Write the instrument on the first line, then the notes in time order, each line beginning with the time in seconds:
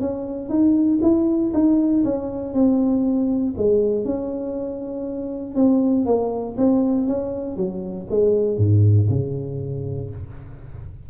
tuba
0.00 C#4
0.49 D#4
1.02 E4
1.54 D#4
2.04 C#4
2.53 C4
3.57 G#3
4.05 C#4
5.55 C4
6.05 A#3
6.57 C4
7.07 C#4
7.56 F#3
8.10 G#3
8.57 G#2
9.09 C#3